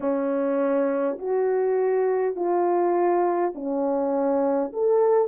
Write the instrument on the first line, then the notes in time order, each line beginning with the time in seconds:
horn
0.00 C#4
1.18 F#4
2.35 F4
3.55 C#4
4.73 A4